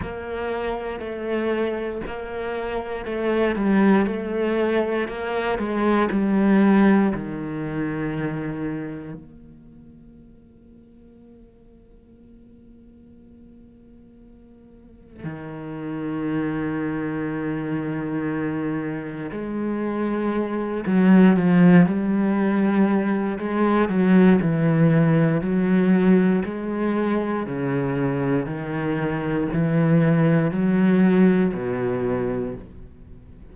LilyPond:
\new Staff \with { instrumentName = "cello" } { \time 4/4 \tempo 4 = 59 ais4 a4 ais4 a8 g8 | a4 ais8 gis8 g4 dis4~ | dis4 ais2.~ | ais2. dis4~ |
dis2. gis4~ | gis8 fis8 f8 g4. gis8 fis8 | e4 fis4 gis4 cis4 | dis4 e4 fis4 b,4 | }